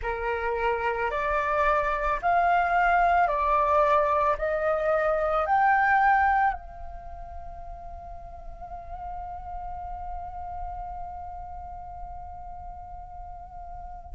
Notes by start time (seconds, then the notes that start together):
0.02 A#4
1.11 D5
2.22 F5
3.27 D5
4.38 D#5
5.45 G5
6.53 F5